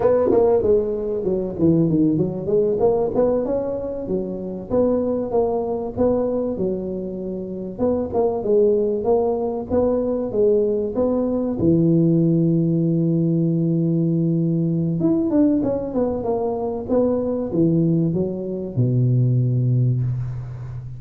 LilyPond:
\new Staff \with { instrumentName = "tuba" } { \time 4/4 \tempo 4 = 96 b8 ais8 gis4 fis8 e8 dis8 fis8 | gis8 ais8 b8 cis'4 fis4 b8~ | b8 ais4 b4 fis4.~ | fis8 b8 ais8 gis4 ais4 b8~ |
b8 gis4 b4 e4.~ | e1 | e'8 d'8 cis'8 b8 ais4 b4 | e4 fis4 b,2 | }